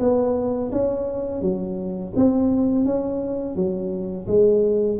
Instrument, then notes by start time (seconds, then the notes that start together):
tuba
0.00 B3
0.72 C#4
1.42 F#3
2.16 C4
2.85 C#4
3.56 F#3
4.28 G#3